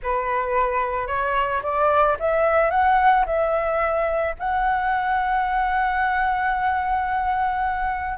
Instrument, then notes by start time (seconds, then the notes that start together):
flute
0.02 B4
1.07 C#5
1.62 D5
2.19 E5
2.70 F#5
3.26 E5
4.39 F#5